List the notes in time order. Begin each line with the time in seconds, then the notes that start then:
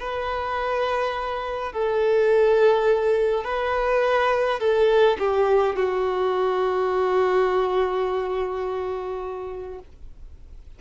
0.00 B4
1.73 A4
3.45 B4
4.60 A4
5.18 G4
5.76 F#4